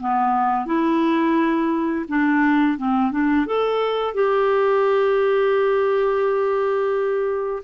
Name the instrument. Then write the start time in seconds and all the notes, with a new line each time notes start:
clarinet
0.00 B3
0.66 E4
2.08 D4
2.77 C4
3.11 D4
3.46 A4
4.14 G4